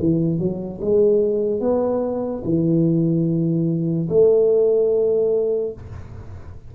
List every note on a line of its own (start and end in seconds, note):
0.00 0.39 E3
0.39 0.80 F#3
0.81 1.61 G#3
1.61 2.43 B3
2.44 4.09 E3
4.09 5.73 A3